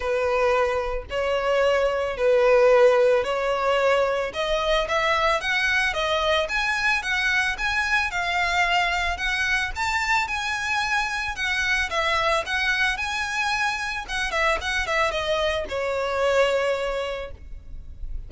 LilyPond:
\new Staff \with { instrumentName = "violin" } { \time 4/4 \tempo 4 = 111 b'2 cis''2 | b'2 cis''2 | dis''4 e''4 fis''4 dis''4 | gis''4 fis''4 gis''4 f''4~ |
f''4 fis''4 a''4 gis''4~ | gis''4 fis''4 e''4 fis''4 | gis''2 fis''8 e''8 fis''8 e''8 | dis''4 cis''2. | }